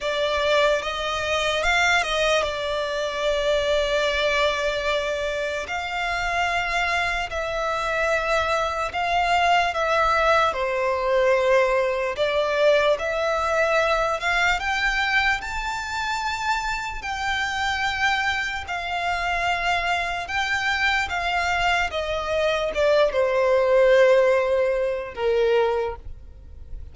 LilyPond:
\new Staff \with { instrumentName = "violin" } { \time 4/4 \tempo 4 = 74 d''4 dis''4 f''8 dis''8 d''4~ | d''2. f''4~ | f''4 e''2 f''4 | e''4 c''2 d''4 |
e''4. f''8 g''4 a''4~ | a''4 g''2 f''4~ | f''4 g''4 f''4 dis''4 | d''8 c''2~ c''8 ais'4 | }